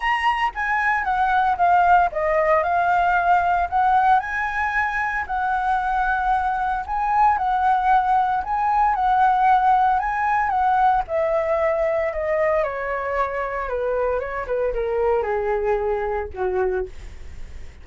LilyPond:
\new Staff \with { instrumentName = "flute" } { \time 4/4 \tempo 4 = 114 ais''4 gis''4 fis''4 f''4 | dis''4 f''2 fis''4 | gis''2 fis''2~ | fis''4 gis''4 fis''2 |
gis''4 fis''2 gis''4 | fis''4 e''2 dis''4 | cis''2 b'4 cis''8 b'8 | ais'4 gis'2 fis'4 | }